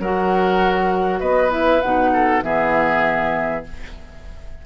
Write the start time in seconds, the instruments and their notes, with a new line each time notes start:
0.00 bassoon F#3, clarinet F#4, oboe A#4, flute F#5
1.20 bassoon B3, oboe B4, flute D#5
1.50 clarinet E4, flute E5
1.82 bassoon B2, clarinet D#4, flute F#5
2.14 oboe A4
2.43 bassoon E3, clarinet B3, oboe G#4, flute E5